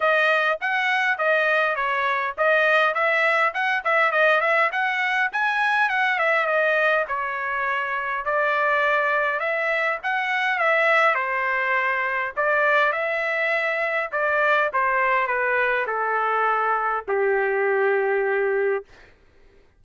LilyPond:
\new Staff \with { instrumentName = "trumpet" } { \time 4/4 \tempo 4 = 102 dis''4 fis''4 dis''4 cis''4 | dis''4 e''4 fis''8 e''8 dis''8 e''8 | fis''4 gis''4 fis''8 e''8 dis''4 | cis''2 d''2 |
e''4 fis''4 e''4 c''4~ | c''4 d''4 e''2 | d''4 c''4 b'4 a'4~ | a'4 g'2. | }